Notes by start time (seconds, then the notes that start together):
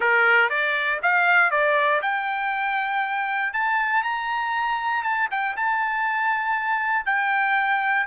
0.00 A#4
0.49 D5
1.02 F5
1.50 D5
2.02 G5
3.53 A5
4.03 A#5
5.03 A5
5.30 G5
5.56 A5
7.05 G5